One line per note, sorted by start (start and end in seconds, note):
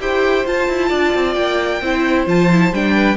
0.00 0.45 E4
0.00 0.45 G4
0.00 0.89 C5
0.00 0.46 G5
0.45 1.81 F4
0.45 0.68 F4
0.45 1.33 A5
0.68 0.91 E4
0.89 1.14 D4
0.89 1.80 D5
1.14 1.36 C4
1.33 1.81 A#3
1.33 2.24 G5
1.81 2.26 C4
1.81 2.28 E4
1.81 2.95 C5
2.26 2.72 F3
2.26 2.50 F4
2.26 2.74 A5
2.51 2.74 E4
2.72 3.17 G3
2.72 3.17 D4
2.72 3.17 G5
2.95 3.17 B4